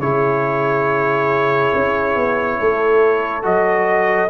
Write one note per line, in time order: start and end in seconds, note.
0.00 1.71 C#3
0.00 3.43 E4
0.00 2.59 G#4
0.00 3.44 C#5
1.75 2.16 C#4
2.16 2.59 B3
2.59 3.45 A3
2.59 4.30 A4
3.43 4.30 F#3
3.43 4.29 F#4
3.43 4.30 D#5